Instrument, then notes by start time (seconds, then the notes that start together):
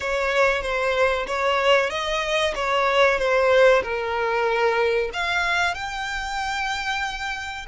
violin
0.00 C#5
0.62 C5
1.26 C#5
1.90 D#5
2.55 C#5
3.18 C5
3.82 A#4
5.13 F5
5.74 G5